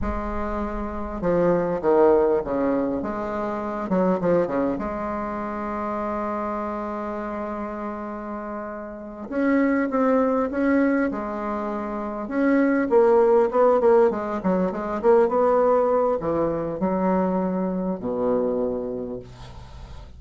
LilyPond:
\new Staff \with { instrumentName = "bassoon" } { \time 4/4 \tempo 4 = 100 gis2 f4 dis4 | cis4 gis4. fis8 f8 cis8 | gis1~ | gis2.~ gis8 cis'8~ |
cis'8 c'4 cis'4 gis4.~ | gis8 cis'4 ais4 b8 ais8 gis8 | fis8 gis8 ais8 b4. e4 | fis2 b,2 | }